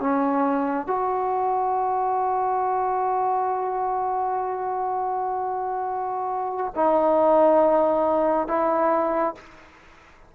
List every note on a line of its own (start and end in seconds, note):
0.00 0.87 C#4
0.87 6.74 F#4
6.75 8.47 D#4
8.47 9.34 E4